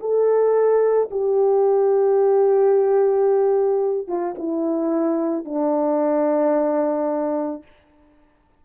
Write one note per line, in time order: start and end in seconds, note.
0.00 1.09 A4
1.11 4.08 G4
4.08 4.35 F4
4.38 5.44 E4
5.44 7.63 D4